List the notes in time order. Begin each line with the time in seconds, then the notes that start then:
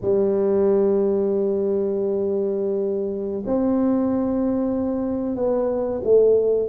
0.01 G3
3.46 C4
5.36 B3
6.04 A3